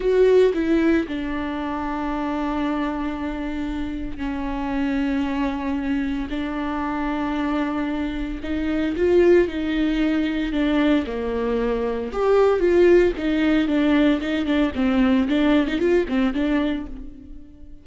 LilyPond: \new Staff \with { instrumentName = "viola" } { \time 4/4 \tempo 4 = 114 fis'4 e'4 d'2~ | d'1 | cis'1 | d'1 |
dis'4 f'4 dis'2 | d'4 ais2 g'4 | f'4 dis'4 d'4 dis'8 d'8 | c'4 d'8. dis'16 f'8 c'8 d'4 | }